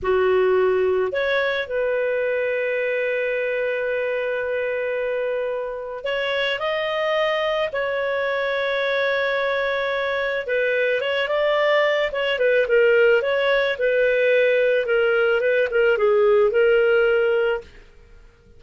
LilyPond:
\new Staff \with { instrumentName = "clarinet" } { \time 4/4 \tempo 4 = 109 fis'2 cis''4 b'4~ | b'1~ | b'2. cis''4 | dis''2 cis''2~ |
cis''2. b'4 | cis''8 d''4. cis''8 b'8 ais'4 | cis''4 b'2 ais'4 | b'8 ais'8 gis'4 ais'2 | }